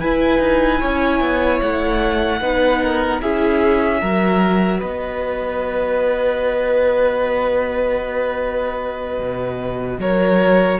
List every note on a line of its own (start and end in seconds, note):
0.00 2.41 E4
0.00 0.39 E4
0.00 0.80 B4
0.00 1.60 G#5
0.39 0.79 D#4
0.80 1.20 C#4
0.80 2.40 C#5
1.20 1.60 B3
1.61 2.40 A3
1.61 3.21 F#5
2.40 3.20 B3
2.40 3.21 D#4
2.40 2.82 B4
2.82 3.22 A#4
3.21 4.02 C#4
3.21 4.02 E4
3.21 4.01 G#4
3.21 4.80 E5
4.01 4.82 F#3
4.01 10.79 F#4
4.01 4.79 A#4
4.79 9.20 B3
4.79 9.99 B4
4.79 10.00 D#5
9.20 9.98 B2
9.98 10.78 F#3
9.98 10.79 A#4
9.98 10.79 C#5